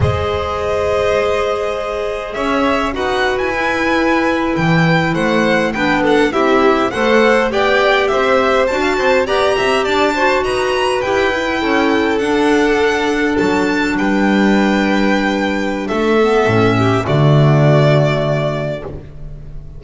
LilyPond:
<<
  \new Staff \with { instrumentName = "violin" } { \time 4/4 \tempo 4 = 102 dis''1 | e''4 fis''8. gis''2 g''16~ | g''8. fis''4 g''8 fis''8 e''4 fis''16~ | fis''8. g''4 e''4 a''4 ais''16~ |
ais''8. a''4 ais''4 g''4~ g''16~ | g''8. fis''2 a''4 g''16~ | g''2. e''4~ | e''4 d''2. | }
  \new Staff \with { instrumentName = "violin" } { \time 4/4 c''1 | cis''4 b'2.~ | b'8. c''4 b'8 a'8 g'4 c''16~ | c''8. d''4 c''4~ c''16 f''16 c''8 d''16~ |
d''16 e''8 d''8 c''8 b'2 a'16~ | a'2.~ a'8. b'16~ | b'2. a'4~ | a'8 g'8 fis'2. | }
  \new Staff \with { instrumentName = "clarinet" } { \time 4/4 gis'1~ | gis'4 fis'4 e'2~ | e'4.~ e'16 d'4 e'4 a'16~ | a'8. g'2 fis'4 g'16~ |
g'4~ g'16 fis'4. g'8 e'8.~ | e'8. d'2.~ d'16~ | d'2.~ d'8 b8 | cis'4 a2. | }
  \new Staff \with { instrumentName = "double bass" } { \time 4/4 gis1 | cis'4 dis'8. e'2 e16~ | e8. a4 b4 c'4 a16~ | a8. b4 c'4 d'8 c'8 b16~ |
b16 c'8 d'4 dis'4 e'4 cis'16~ | cis'8. d'2 fis4 g16~ | g2. a4 | a,4 d2. | }
>>